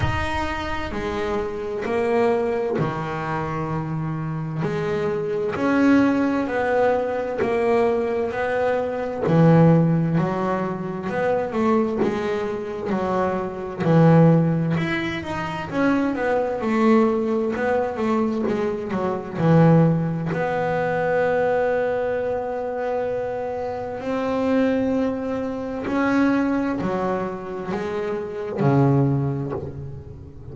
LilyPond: \new Staff \with { instrumentName = "double bass" } { \time 4/4 \tempo 4 = 65 dis'4 gis4 ais4 dis4~ | dis4 gis4 cis'4 b4 | ais4 b4 e4 fis4 | b8 a8 gis4 fis4 e4 |
e'8 dis'8 cis'8 b8 a4 b8 a8 | gis8 fis8 e4 b2~ | b2 c'2 | cis'4 fis4 gis4 cis4 | }